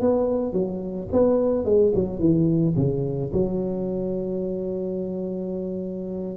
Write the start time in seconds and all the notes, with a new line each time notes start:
0.00 B3
0.52 F#3
1.12 B3
1.64 G#3
1.94 F#3
2.19 E3
2.76 C#3
3.33 F#3